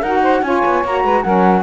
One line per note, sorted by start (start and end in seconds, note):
0.00 0.42 D#4
0.00 0.43 F#4
0.00 0.20 A#4
0.00 0.43 F#5
0.22 0.42 C5
0.42 0.62 C#4
0.42 0.83 F4
0.42 1.03 C#5
0.42 0.84 G#5
0.65 0.84 B3
0.84 1.03 A#3
0.84 1.24 F#4
0.84 1.22 A#5
1.03 1.24 G#3
1.03 1.23 B4
1.22 1.62 F#3
1.22 1.62 C#4
1.22 1.62 A#4
1.22 1.62 F#5